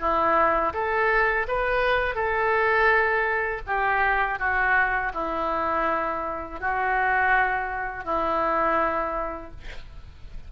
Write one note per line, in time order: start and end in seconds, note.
0.00 0.73 E4
0.73 1.46 A4
1.48 2.15 B4
2.15 3.62 A4
3.67 4.39 G4
4.39 5.12 F#4
5.14 6.60 E4
6.60 8.05 F#4
8.05 9.51 E4